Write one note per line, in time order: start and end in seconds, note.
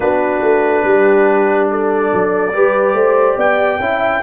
0.00 0.41 B3
0.00 2.52 D4
0.00 0.85 F#4
0.00 1.69 B4
0.41 0.84 A3
0.84 2.10 G3
0.84 1.70 G4
1.70 2.54 A4
1.70 3.39 D5
2.13 2.55 F#3
2.52 2.93 G3
2.52 3.79 G4
2.52 2.94 B4
2.93 3.35 A3
2.93 3.36 C5
3.36 3.79 B3
3.36 3.78 D5
3.36 4.23 G5
3.79 4.21 C#4
3.79 4.23 E4
3.79 4.23 E5